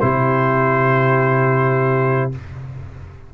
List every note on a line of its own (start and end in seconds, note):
0.00 2.33 C3
0.00 2.32 E4
0.00 2.34 G4
0.00 2.31 C5